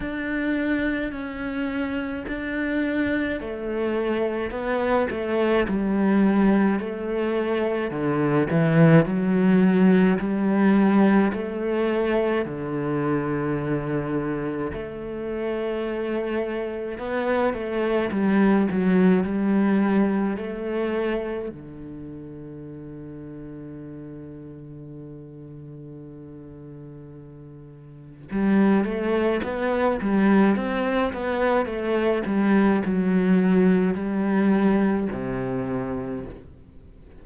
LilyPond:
\new Staff \with { instrumentName = "cello" } { \time 4/4 \tempo 4 = 53 d'4 cis'4 d'4 a4 | b8 a8 g4 a4 d8 e8 | fis4 g4 a4 d4~ | d4 a2 b8 a8 |
g8 fis8 g4 a4 d4~ | d1~ | d4 g8 a8 b8 g8 c'8 b8 | a8 g8 fis4 g4 c4 | }